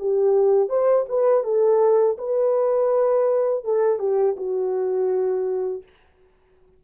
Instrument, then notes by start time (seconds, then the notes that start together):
horn
0.00 G4
0.70 C5
1.09 B4
1.44 A4
2.18 B4
3.65 A4
3.99 G4
4.37 F#4